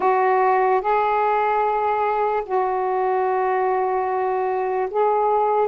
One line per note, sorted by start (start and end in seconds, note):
0.00 0.81 F#4
0.81 2.43 G#4
2.45 4.89 F#4
4.90 5.68 G#4